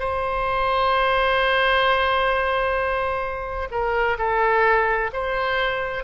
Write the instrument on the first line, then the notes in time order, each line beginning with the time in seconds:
oboe
0.00 C5
3.72 A#4
4.19 A4
5.14 C5